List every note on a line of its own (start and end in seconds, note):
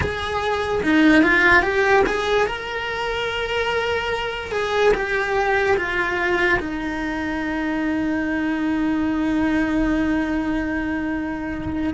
0.00 0.81 G#4
0.82 1.23 D#4
1.23 1.62 F4
1.62 2.03 G4
2.06 2.47 G#4
2.47 4.51 A#4
4.51 4.92 G#4
4.94 5.76 G4
5.76 6.59 F4
6.59 11.93 D#4